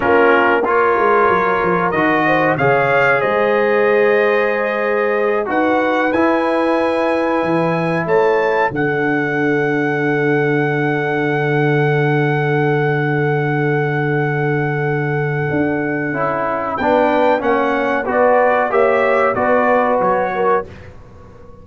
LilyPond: <<
  \new Staff \with { instrumentName = "trumpet" } { \time 4/4 \tempo 4 = 93 ais'4 cis''2 dis''4 | f''4 dis''2.~ | dis''8 fis''4 gis''2~ gis''8~ | gis''8 a''4 fis''2~ fis''8~ |
fis''1~ | fis''1~ | fis''2 g''4 fis''4 | d''4 e''4 d''4 cis''4 | }
  \new Staff \with { instrumentName = "horn" } { \time 4/4 f'4 ais'2~ ais'8 c''8 | cis''4 c''2.~ | c''8 b'2.~ b'8~ | b'8 cis''4 a'2~ a'8~ |
a'1~ | a'1~ | a'2 b'4 cis''4 | b'4 cis''4 b'4. ais'8 | }
  \new Staff \with { instrumentName = "trombone" } { \time 4/4 cis'4 f'2 fis'4 | gis'1~ | gis'8 fis'4 e'2~ e'8~ | e'4. d'2~ d'8~ |
d'1~ | d'1~ | d'4 e'4 d'4 cis'4 | fis'4 g'4 fis'2 | }
  \new Staff \with { instrumentName = "tuba" } { \time 4/4 ais4. gis8 fis8 f8 dis4 | cis4 gis2.~ | gis8 dis'4 e'2 e8~ | e8 a4 d2~ d8~ |
d1~ | d1 | d'4 cis'4 b4 ais4 | b4 ais4 b4 fis4 | }
>>